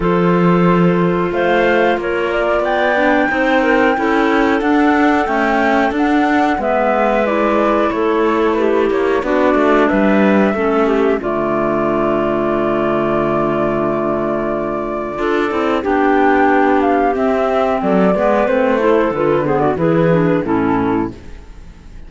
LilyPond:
<<
  \new Staff \with { instrumentName = "flute" } { \time 4/4 \tempo 4 = 91 c''2 f''4 cis''8 d''8 | g''2. fis''4 | g''4 fis''4 e''4 d''4 | cis''4 b'8 cis''8 d''4 e''4~ |
e''4 d''2.~ | d''1 | g''4. f''8 e''4 d''4 | c''4 b'8 c''16 d''16 b'4 a'4 | }
  \new Staff \with { instrumentName = "clarinet" } { \time 4/4 a'2 c''4 ais'4 | d''4 c''8 ais'8 a'2~ | a'2 b'2 | a'4 g'4 fis'4 b'4 |
a'8 g'8 f'2.~ | f'2. a'4 | g'2. a'8 b'8~ | b'8 a'4 gis'16 fis'16 gis'4 e'4 | }
  \new Staff \with { instrumentName = "clarinet" } { \time 4/4 f'1~ | f'8 d'8 dis'4 e'4 d'4 | a4 d'4 b4 e'4~ | e'2 d'2 |
cis'4 a2.~ | a2. f'8 e'8 | d'2 c'4. b8 | c'8 e'8 f'8 b8 e'8 d'8 cis'4 | }
  \new Staff \with { instrumentName = "cello" } { \time 4/4 f2 a4 ais4 | b4 c'4 cis'4 d'4 | cis'4 d'4 gis2 | a4. ais8 b8 a8 g4 |
a4 d2.~ | d2. d'8 c'8 | b2 c'4 fis8 gis8 | a4 d4 e4 a,4 | }
>>